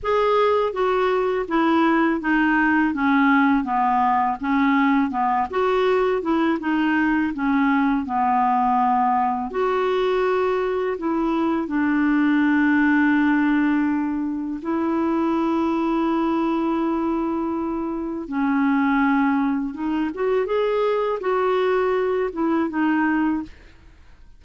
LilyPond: \new Staff \with { instrumentName = "clarinet" } { \time 4/4 \tempo 4 = 82 gis'4 fis'4 e'4 dis'4 | cis'4 b4 cis'4 b8 fis'8~ | fis'8 e'8 dis'4 cis'4 b4~ | b4 fis'2 e'4 |
d'1 | e'1~ | e'4 cis'2 dis'8 fis'8 | gis'4 fis'4. e'8 dis'4 | }